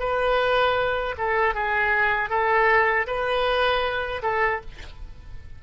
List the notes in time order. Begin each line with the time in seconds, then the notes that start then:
0.00 B4
1.18 A4
1.55 G#4
2.30 A4
3.07 B4
4.23 A4